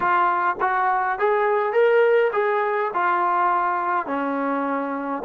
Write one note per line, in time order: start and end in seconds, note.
0.00 0.55 F4
0.60 1.18 F#4
1.19 1.72 G#4
1.72 2.31 A#4
2.32 2.91 G#4
2.93 4.06 F4
4.06 5.22 C#4